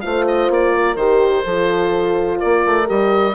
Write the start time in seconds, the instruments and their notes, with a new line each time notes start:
0.00 bassoon A3, horn F4 C5, oboe F5
0.27 oboe D#5
0.49 bassoon A#3, oboe D5
0.73 horn A#4
0.95 bassoon D#3, horn G4, oboe C5
1.45 bassoon F3, horn F4 A4
2.39 bassoon A#3, horn A#4, oboe D5
2.65 bassoon A3
2.86 bassoon G3, horn G4, oboe D#5